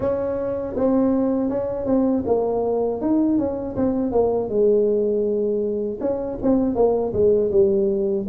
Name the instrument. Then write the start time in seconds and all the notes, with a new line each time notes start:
tuba
0.00 C#4
0.76 C4
1.49 C#4
1.86 C4
2.26 A#3
3.01 D#4
3.38 C#4
3.76 C4
4.11 A#3
4.49 G#3
6.00 C#4
6.42 C4
6.75 A#3
7.13 G#3
7.51 G3